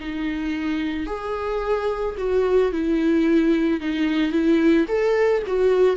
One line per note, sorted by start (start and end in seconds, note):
0.00 1.06 D#4
1.06 2.15 G#4
2.18 2.72 F#4
2.72 3.80 E4
3.80 4.32 D#4
4.32 4.86 E4
4.88 5.42 A4
5.47 5.97 F#4